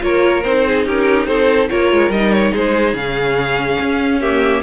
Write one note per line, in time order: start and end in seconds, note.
0.00 0.44 A#3
0.00 0.42 F4
0.00 0.66 A#4
0.00 0.43 C#5
0.43 0.85 C4
0.43 1.69 D#4
0.43 0.85 C5
0.66 0.85 G#4
0.85 1.27 C#4
0.85 1.27 G4
0.85 1.26 A#4
1.26 1.69 C4
1.26 1.69 A4
1.26 1.68 C5
1.69 1.92 A#3
1.69 2.11 F4
1.69 2.51 A#4
1.69 2.11 C#5
1.92 2.09 G#3
2.09 2.51 G3
2.09 2.98 D#4
2.09 2.32 D#5
2.32 2.53 C#5
2.51 2.93 G#3
2.51 4.19 G#4
2.51 2.96 C5
2.93 3.77 C#3
2.93 4.21 C#4
2.93 4.21 F5
3.80 4.62 C#4
4.20 4.62 A#3
4.20 4.62 G4
4.20 4.62 E5